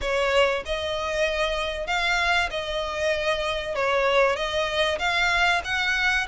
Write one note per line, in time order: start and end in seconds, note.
0.01 0.63 C#5
0.65 1.87 D#5
1.87 2.49 F5
2.50 3.75 D#5
3.75 4.36 C#5
4.36 4.98 D#5
4.99 5.61 F5
5.64 6.26 F#5